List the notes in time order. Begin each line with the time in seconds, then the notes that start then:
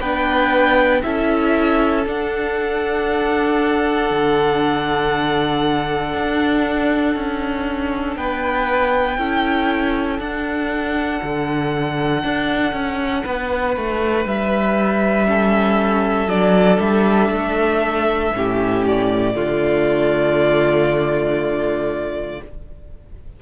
0.00 B3 D4 B4 G5
1.03 C#4 E4 A4 E5
2.06 D4 F#5
4.11 D3
6.14 D4
7.16 C#4
8.16 B3 B4 G5
9.18 C#4 E4 A4
10.19 D4 F#5
11.23 D3
12.24 D4
12.73 C#4
13.24 B3 B4
13.77 A3
14.25 G3 E5
15.26 C#4 A4
16.27 F#3 D4 D5
16.80 G3 E5
17.30 A3
18.33 A2 C#4 G4
18.87 D5
19.34 D3 A3 F4